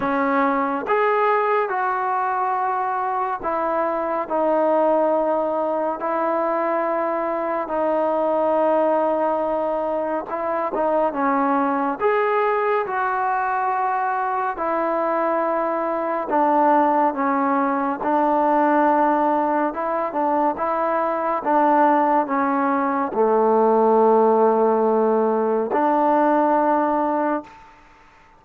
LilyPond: \new Staff \with { instrumentName = "trombone" } { \time 4/4 \tempo 4 = 70 cis'4 gis'4 fis'2 | e'4 dis'2 e'4~ | e'4 dis'2. | e'8 dis'8 cis'4 gis'4 fis'4~ |
fis'4 e'2 d'4 | cis'4 d'2 e'8 d'8 | e'4 d'4 cis'4 a4~ | a2 d'2 | }